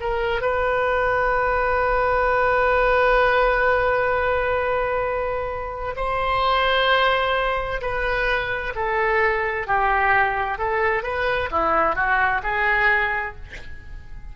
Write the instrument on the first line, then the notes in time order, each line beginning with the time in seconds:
oboe
0.00 A#4
0.41 B4
5.96 C5
7.81 B4
8.75 A4
9.67 G4
10.58 A4
11.03 B4
11.51 E4
11.95 F#4
12.43 G#4